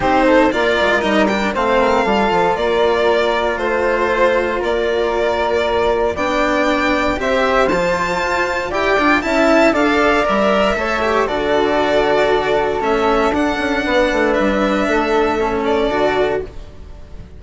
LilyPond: <<
  \new Staff \with { instrumentName = "violin" } { \time 4/4 \tempo 4 = 117 c''4 d''4 dis''8 g''8 f''4~ | f''4 d''2 c''4~ | c''4 d''2. | g''2 e''4 a''4~ |
a''4 g''4 a''4 f''4 | e''2 d''2~ | d''4 e''4 fis''2 | e''2~ e''8 d''4. | }
  \new Staff \with { instrumentName = "flute" } { \time 4/4 g'8 a'8 ais'2 c''8 ais'8 | a'4 ais'2 c''4~ | c''4 ais'2. | d''2 c''2~ |
c''4 d''4 e''4 d''4~ | d''4 cis''4 a'2~ | a'2. b'4~ | b'4 a'2. | }
  \new Staff \with { instrumentName = "cello" } { \time 4/4 dis'4 f'4 dis'8 d'8 c'4 | f'1~ | f'1 | d'2 g'4 f'4~ |
f'4 g'8 f'8 e'4 a'4 | ais'4 a'8 g'8 fis'2~ | fis'4 cis'4 d'2~ | d'2 cis'4 fis'4 | }
  \new Staff \with { instrumentName = "bassoon" } { \time 4/4 c'4 ais8 gis8 g4 a4 | g8 f8 ais2 a4~ | a4 ais2. | b2 c'4 f4 |
f'4 e'8 d'8 cis'4 d'4 | g4 a4 d2~ | d4 a4 d'8 cis'8 b8 a8 | g4 a2 d4 | }
>>